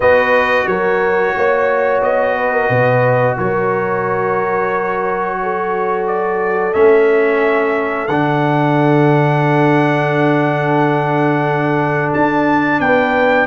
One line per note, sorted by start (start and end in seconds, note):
0.00 0.66 B3
0.00 6.74 F#4
0.00 0.67 B4
0.00 0.67 D#5
0.66 1.33 F#3
0.66 1.35 A#4
0.66 2.02 C#5
1.36 2.01 A#3
1.36 2.37 C#5
2.01 2.69 B3
2.01 3.37 D#5
2.37 2.52 B4
2.52 2.68 A#4
2.68 3.36 B2
2.68 3.36 B4
3.37 6.74 F#3
3.37 5.39 A#4
3.37 6.06 C#5
5.42 12.81 A4
6.06 6.73 D5
6.73 8.08 A3
6.73 8.09 C#4
6.73 8.07 E5
8.07 12.12 D3
8.07 13.47 D4
8.07 12.12 F#5
12.13 12.79 D4
12.13 12.80 A5
12.79 13.47 B3
12.79 13.47 B4
12.79 13.47 G5